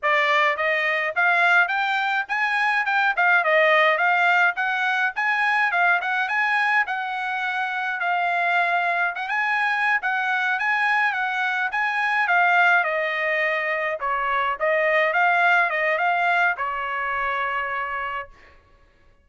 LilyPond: \new Staff \with { instrumentName = "trumpet" } { \time 4/4 \tempo 4 = 105 d''4 dis''4 f''4 g''4 | gis''4 g''8 f''8 dis''4 f''4 | fis''4 gis''4 f''8 fis''8 gis''4 | fis''2 f''2 |
fis''16 gis''4~ gis''16 fis''4 gis''4 fis''8~ | fis''8 gis''4 f''4 dis''4.~ | dis''8 cis''4 dis''4 f''4 dis''8 | f''4 cis''2. | }